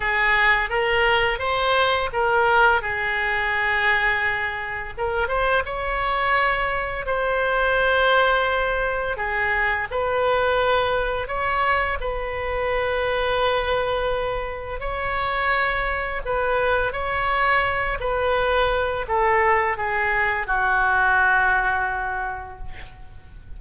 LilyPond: \new Staff \with { instrumentName = "oboe" } { \time 4/4 \tempo 4 = 85 gis'4 ais'4 c''4 ais'4 | gis'2. ais'8 c''8 | cis''2 c''2~ | c''4 gis'4 b'2 |
cis''4 b'2.~ | b'4 cis''2 b'4 | cis''4. b'4. a'4 | gis'4 fis'2. | }